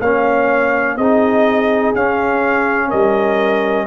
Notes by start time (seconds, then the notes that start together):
0.00 A#3 C#4 C#5 F5
0.97 C4 D#4 G#4 D#5
1.95 C#4 F5
2.88 G3 A#4 D#5